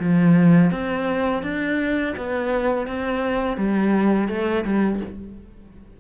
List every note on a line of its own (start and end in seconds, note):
0.00 0.71 F3
0.71 1.43 C4
1.43 2.14 D4
2.17 2.87 B3
2.87 3.57 C4
3.57 4.29 G3
4.29 4.64 A3
4.65 5.01 G3